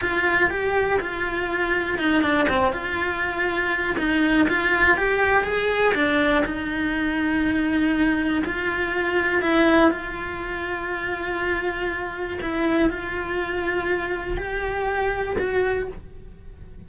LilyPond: \new Staff \with { instrumentName = "cello" } { \time 4/4 \tempo 4 = 121 f'4 g'4 f'2 | dis'8 d'8 c'8 f'2~ f'8 | dis'4 f'4 g'4 gis'4 | d'4 dis'2.~ |
dis'4 f'2 e'4 | f'1~ | f'4 e'4 f'2~ | f'4 g'2 fis'4 | }